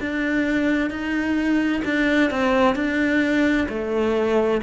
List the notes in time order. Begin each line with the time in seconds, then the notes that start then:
0.00 D4
0.90 D#4
1.85 D4
2.30 C4
2.75 D4
3.69 A3